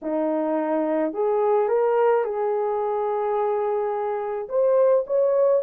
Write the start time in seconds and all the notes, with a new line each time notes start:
0.02 D#4
1.13 G#4
1.68 A#4
2.24 G#4
4.48 C5
5.06 C#5